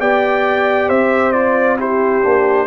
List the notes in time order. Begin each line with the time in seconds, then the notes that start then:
0.00 B3 G4 D5 G5
0.89 C4 C5 E5
1.33 F4 D5
1.79 E4 G4 C5
2.23 A#3 D4